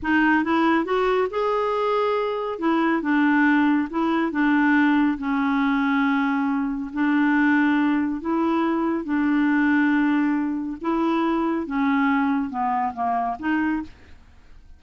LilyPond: \new Staff \with { instrumentName = "clarinet" } { \time 4/4 \tempo 4 = 139 dis'4 e'4 fis'4 gis'4~ | gis'2 e'4 d'4~ | d'4 e'4 d'2 | cis'1 |
d'2. e'4~ | e'4 d'2.~ | d'4 e'2 cis'4~ | cis'4 b4 ais4 dis'4 | }